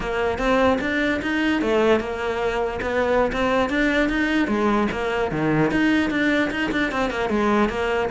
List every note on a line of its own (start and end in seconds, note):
0.00 0.38 A#3
0.38 0.78 C4
0.81 1.21 D4
1.21 1.61 D#4
1.61 2.00 A3
2.00 2.80 A#3
2.81 3.31 B3
3.32 3.69 C4
3.69 4.09 D4
4.09 4.47 D#4
4.47 4.87 G#3
4.91 5.31 A#3
5.31 5.71 D#3
5.71 6.10 D#4
6.10 6.50 D4
6.50 6.70 D#4
6.71 6.91 D4
6.91 7.10 C4
7.10 7.29 A#3
7.29 7.69 G#3
7.69 8.09 A#3